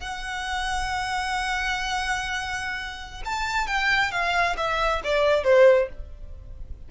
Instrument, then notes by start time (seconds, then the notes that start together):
violin
0.00 F#5
3.25 A5
3.67 G5
4.11 F5
4.57 E5
5.04 D5
5.44 C5